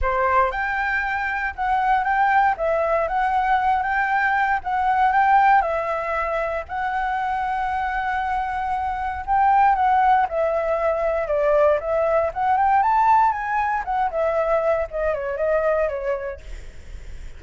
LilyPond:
\new Staff \with { instrumentName = "flute" } { \time 4/4 \tempo 4 = 117 c''4 g''2 fis''4 | g''4 e''4 fis''4. g''8~ | g''4 fis''4 g''4 e''4~ | e''4 fis''2.~ |
fis''2 g''4 fis''4 | e''2 d''4 e''4 | fis''8 g''8 a''4 gis''4 fis''8 e''8~ | e''4 dis''8 cis''8 dis''4 cis''4 | }